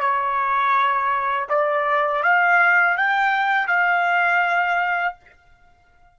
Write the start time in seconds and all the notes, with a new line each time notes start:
0.00 C#5
1.49 D5
2.23 F5
2.97 G5
3.67 F5